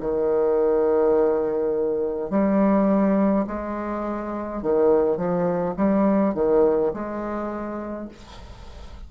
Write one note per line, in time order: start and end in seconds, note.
0.00 2.30 D#3
2.30 3.46 G3
3.47 4.62 G#3
4.62 5.17 D#3
5.17 5.75 F3
5.76 6.34 G3
6.35 6.92 D#3
6.93 8.09 G#3